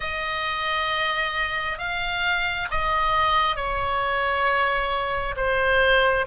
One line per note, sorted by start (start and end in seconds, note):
0.00 1.78 D#5
1.78 2.67 F5
2.70 3.56 D#5
3.56 5.35 C#5
5.36 6.25 C5